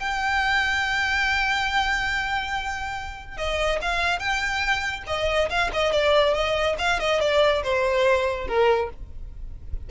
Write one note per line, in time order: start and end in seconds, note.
0.00 3.37 G5
3.37 3.80 D#5
3.82 4.19 F5
4.19 5.04 G5
5.07 5.49 D#5
5.49 5.71 F5
5.73 5.92 D#5
5.92 6.34 D5
6.34 6.76 D#5
6.79 7.00 F5
7.00 7.21 D#5
7.21 7.63 D5
7.63 8.48 C5
8.48 8.90 A#4